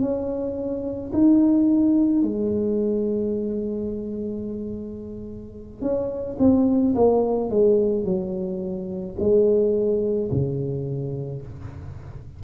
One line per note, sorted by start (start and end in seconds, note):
0.00 1.11 C#4
1.13 2.22 D#4
2.22 5.81 G#3
5.81 6.37 C#4
6.39 6.94 C4
6.95 7.49 A#3
7.49 8.05 G#3
8.05 9.16 F#3
9.19 10.30 G#3
10.31 11.42 C#3